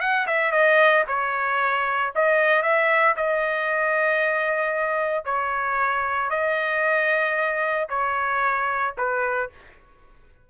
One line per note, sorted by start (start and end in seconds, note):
0.00 0.26 F#5
0.26 0.51 E5
0.51 1.04 D#5
1.07 2.12 C#5
2.15 2.62 D#5
2.62 3.15 E5
3.16 5.24 D#5
5.24 6.30 C#5
6.30 7.88 D#5
7.89 8.94 C#5
8.97 9.50 B4